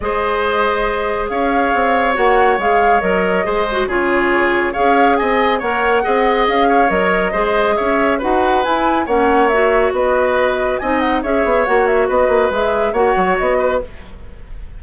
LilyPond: <<
  \new Staff \with { instrumentName = "flute" } { \time 4/4 \tempo 4 = 139 dis''2. f''4~ | f''4 fis''4 f''4 dis''4~ | dis''4 cis''2 f''4 | gis''4 fis''2 f''4 |
dis''2 e''4 fis''4 | gis''4 fis''4 e''4 dis''4~ | dis''4 gis''8 fis''8 e''4 fis''8 e''8 | dis''4 e''4 fis''4 dis''4 | }
  \new Staff \with { instrumentName = "oboe" } { \time 4/4 c''2. cis''4~ | cis''1 | c''4 gis'2 cis''4 | dis''4 cis''4 dis''4. cis''8~ |
cis''4 c''4 cis''4 b'4~ | b'4 cis''2 b'4~ | b'4 dis''4 cis''2 | b'2 cis''4. b'8 | }
  \new Staff \with { instrumentName = "clarinet" } { \time 4/4 gis'1~ | gis'4 fis'4 gis'4 ais'4 | gis'8 fis'8 f'2 gis'4~ | gis'4 ais'4 gis'2 |
ais'4 gis'2 fis'4 | e'4 cis'4 fis'2~ | fis'4 dis'4 gis'4 fis'4~ | fis'4 gis'4 fis'2 | }
  \new Staff \with { instrumentName = "bassoon" } { \time 4/4 gis2. cis'4 | c'4 ais4 gis4 fis4 | gis4 cis2 cis'4 | c'4 ais4 c'4 cis'4 |
fis4 gis4 cis'4 dis'4 | e'4 ais2 b4~ | b4 c'4 cis'8 b8 ais4 | b8 ais8 gis4 ais8 fis8 b4 | }
>>